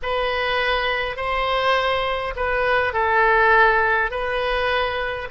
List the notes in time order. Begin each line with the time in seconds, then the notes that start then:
0.02 B4
1.16 C5
2.35 B4
2.93 A4
4.10 B4